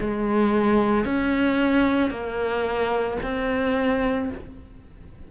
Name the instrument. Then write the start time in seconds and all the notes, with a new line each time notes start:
cello
0.00 G#3
1.04 C#4
2.10 A#3
3.22 C4